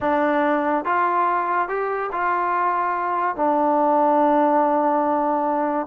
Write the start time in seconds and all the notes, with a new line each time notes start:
0.00 D4
0.84 F4
1.68 G4
2.12 F4
3.36 D4